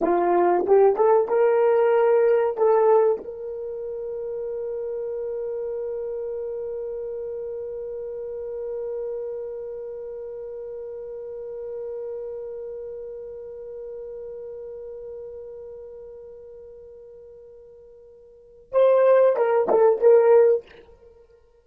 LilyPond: \new Staff \with { instrumentName = "horn" } { \time 4/4 \tempo 4 = 93 f'4 g'8 a'8 ais'2 | a'4 ais'2.~ | ais'1~ | ais'1~ |
ais'1~ | ais'1~ | ais'1~ | ais'4 c''4 ais'8 a'8 ais'4 | }